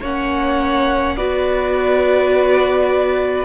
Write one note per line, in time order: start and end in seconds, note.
0.00 1.17 A#3
0.00 1.18 C#4
0.00 1.15 C#5
0.00 1.17 F#5
1.16 3.45 B3
1.16 3.45 F#4
1.16 3.45 B4
1.16 3.45 D5